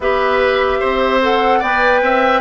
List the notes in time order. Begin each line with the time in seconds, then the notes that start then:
0.00 B3 G4 B4 E5
0.79 C4 C5
1.22 A4 F#5
1.59 B3 B4 D5 G5
2.02 C4 E5